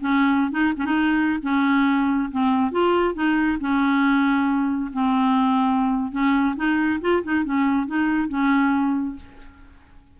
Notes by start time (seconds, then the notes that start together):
0.00 C#4
0.51 D#4
0.77 C#4
0.85 D#4
1.42 C#4
2.31 C4
2.71 F4
3.14 D#4
3.60 C#4
4.92 C4
6.11 C#4
6.56 D#4
7.01 F4
7.23 D#4
7.44 C#4
7.86 D#4
8.28 C#4